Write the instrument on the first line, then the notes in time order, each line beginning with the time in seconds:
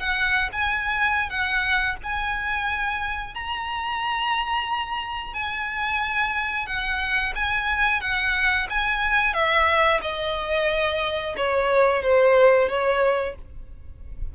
violin
0.00 F#5
0.52 G#5
1.30 F#5
2.03 G#5
3.35 A#5
5.34 G#5
6.67 F#5
7.36 G#5
8.01 F#5
8.70 G#5
9.34 E5
10.02 D#5
11.37 C#5
12.02 C5
12.69 C#5